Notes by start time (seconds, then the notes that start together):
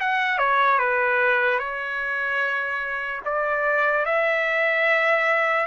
0.00 F#5
0.39 C#5
0.79 B4
1.60 C#5
3.25 D5
4.06 E5